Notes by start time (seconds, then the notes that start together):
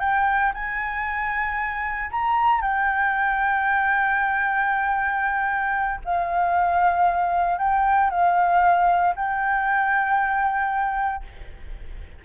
0.00 G5
0.54 G#5
2.11 A#5
2.62 G5
6.05 F5
7.58 G5
8.11 F5
9.15 G5